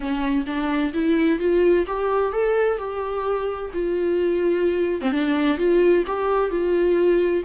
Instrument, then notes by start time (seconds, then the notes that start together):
viola
0.00 C#4
0.46 D4
0.93 E4
1.39 F4
1.86 G4
2.32 A4
2.78 G4
3.73 F4
5.01 C4
5.11 D4
5.57 F4
6.07 G4
6.50 F4